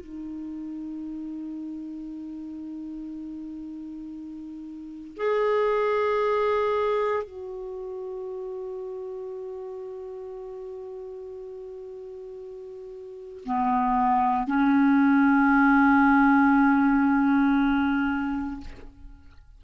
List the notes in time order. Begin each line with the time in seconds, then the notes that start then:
0.00 D#4
5.17 G#4
7.24 F#4
13.45 B3
14.47 C#4